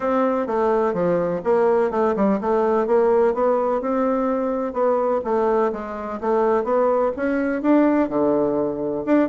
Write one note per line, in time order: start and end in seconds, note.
0.00 0.46 C4
0.46 0.93 A3
0.93 1.41 F3
1.44 1.90 A#3
1.90 2.14 A3
2.16 2.39 G3
2.40 2.86 A3
2.86 3.34 A#3
3.34 3.81 B3
3.81 4.73 C4
4.73 5.20 B3
5.24 5.71 A3
5.72 6.19 G#3
6.20 6.64 A3
6.64 7.11 B3
7.16 7.61 C#4
7.61 8.09 D4
8.09 9.04 D3
9.05 9.29 D4